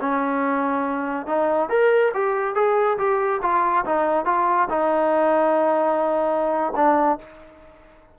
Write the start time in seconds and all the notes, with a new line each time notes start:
0.00 C#4
1.26 D#4
1.69 A#4
2.14 G4
2.55 G#4
2.98 G4
3.42 F4
3.85 D#4
4.25 F4
4.70 D#4
6.75 D4